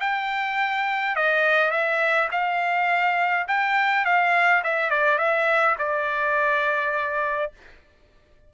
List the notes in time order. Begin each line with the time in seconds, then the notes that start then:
0.00 G5
1.15 D#5
1.70 E5
2.31 F5
3.48 G5
4.05 F5
4.64 E5
4.90 D5
5.18 E5
5.78 D5